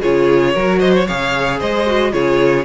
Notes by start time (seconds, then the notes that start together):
0.00 C#3 F4 G#4 C#5
0.53 F#3 F#4 A#4
0.79 C5 D#5
0.96 C#5
1.06 C#3 G#4 C#5 F5
1.59 G#3 C5 D#5
1.86 F#4
2.12 C#3 F4 G#4 C#5